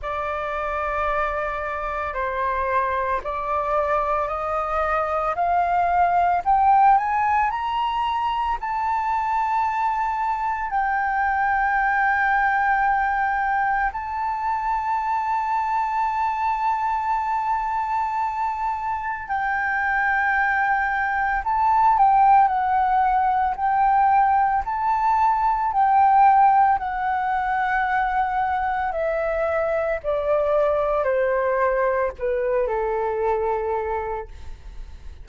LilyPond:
\new Staff \with { instrumentName = "flute" } { \time 4/4 \tempo 4 = 56 d''2 c''4 d''4 | dis''4 f''4 g''8 gis''8 ais''4 | a''2 g''2~ | g''4 a''2.~ |
a''2 g''2 | a''8 g''8 fis''4 g''4 a''4 | g''4 fis''2 e''4 | d''4 c''4 b'8 a'4. | }